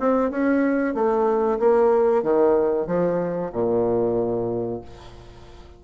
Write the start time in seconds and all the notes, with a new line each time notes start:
0.00 C4
0.31 C#4
0.95 A3
1.59 A#3
2.23 D#3
2.87 F3
3.52 A#2